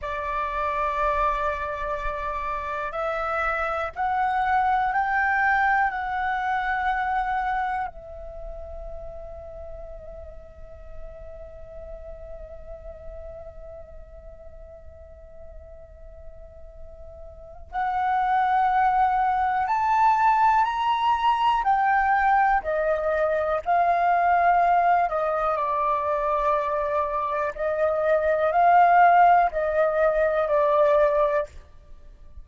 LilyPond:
\new Staff \with { instrumentName = "flute" } { \time 4/4 \tempo 4 = 61 d''2. e''4 | fis''4 g''4 fis''2 | e''1~ | e''1~ |
e''2 fis''2 | a''4 ais''4 g''4 dis''4 | f''4. dis''8 d''2 | dis''4 f''4 dis''4 d''4 | }